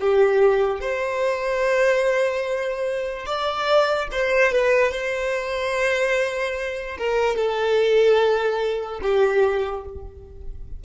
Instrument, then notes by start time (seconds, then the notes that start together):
violin
0.00 G4
0.80 C5
3.26 D5
4.11 C5
4.52 B4
4.92 C5
6.98 A#4
7.36 A4
9.02 G4